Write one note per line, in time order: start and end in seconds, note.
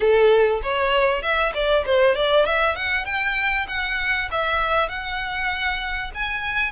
0.00 0.61 A4
0.62 1.22 C#5
1.22 1.53 E5
1.54 1.84 D5
1.85 2.15 C5
2.15 2.45 D5
2.45 2.75 E5
2.75 3.05 F#5
3.05 3.66 G5
3.68 4.29 F#5
4.31 4.88 E5
4.88 6.11 F#5
6.14 6.72 G#5